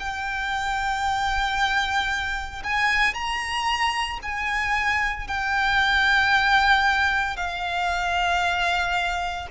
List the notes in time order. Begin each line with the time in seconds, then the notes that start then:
0.00 G5
2.64 G#5
3.14 A#5
4.22 G#5
5.28 G5
7.37 F5